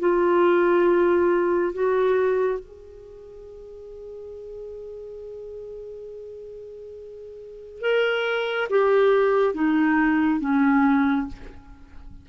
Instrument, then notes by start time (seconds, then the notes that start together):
clarinet
0.00 F4
1.74 F#4
2.60 G#4
7.81 A#4
8.70 G4
9.55 D#4
10.41 C#4